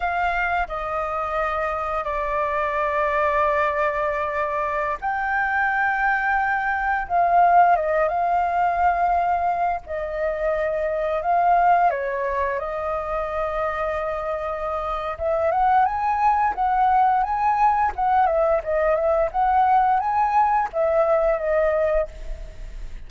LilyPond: \new Staff \with { instrumentName = "flute" } { \time 4/4 \tempo 4 = 87 f''4 dis''2 d''4~ | d''2.~ d''16 g''8.~ | g''2~ g''16 f''4 dis''8 f''16~ | f''2~ f''16 dis''4.~ dis''16~ |
dis''16 f''4 cis''4 dis''4.~ dis''16~ | dis''2 e''8 fis''8 gis''4 | fis''4 gis''4 fis''8 e''8 dis''8 e''8 | fis''4 gis''4 e''4 dis''4 | }